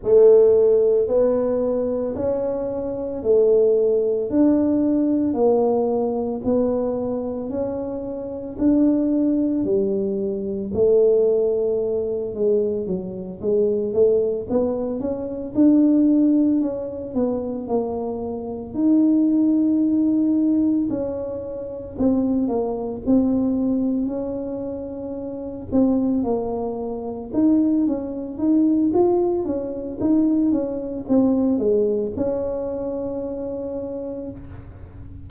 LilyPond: \new Staff \with { instrumentName = "tuba" } { \time 4/4 \tempo 4 = 56 a4 b4 cis'4 a4 | d'4 ais4 b4 cis'4 | d'4 g4 a4. gis8 | fis8 gis8 a8 b8 cis'8 d'4 cis'8 |
b8 ais4 dis'2 cis'8~ | cis'8 c'8 ais8 c'4 cis'4. | c'8 ais4 dis'8 cis'8 dis'8 f'8 cis'8 | dis'8 cis'8 c'8 gis8 cis'2 | }